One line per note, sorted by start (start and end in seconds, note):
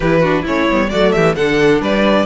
0.00 0.43 E3
0.00 0.23 E4
0.00 0.20 G4
0.00 0.45 B4
0.20 0.45 D4
0.20 0.42 F#4
0.42 0.69 A3
0.42 0.69 C#4
0.42 0.88 E4
0.42 0.89 C#5
0.69 0.93 G3
0.69 0.91 B3
0.89 1.15 F#3
0.89 1.36 A3
0.89 1.13 F#4
0.89 1.12 D5
1.12 1.35 E3
1.12 1.36 G4
1.12 1.34 E5
1.35 1.80 D3
1.35 2.26 D4
1.35 1.81 A4
1.35 1.81 F#5
1.80 2.26 G3
1.80 2.26 B4
1.80 2.26 D5